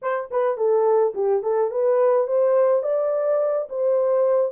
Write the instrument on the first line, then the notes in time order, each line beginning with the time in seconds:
horn
0.02 C5
0.30 B4
0.57 A4
1.14 G4
1.42 A4
1.70 B4
2.27 C5
2.83 D5
3.69 C5